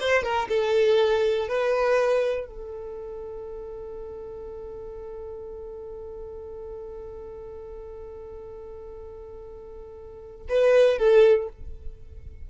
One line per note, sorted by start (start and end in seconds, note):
0.00 0.23 C5
0.23 0.48 A#4
0.49 1.48 A4
1.48 2.47 B4
2.47 10.47 A4
10.49 10.98 B4
10.98 11.48 A4